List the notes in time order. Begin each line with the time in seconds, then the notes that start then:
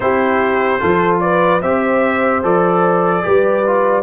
0.00 C4 E4 G4 C5
0.79 F3 F4 A4
1.20 B4 D5
1.61 C4 G4 C5 E5
2.42 F3 A4 D5
3.22 G3 G4 B4
3.66 F4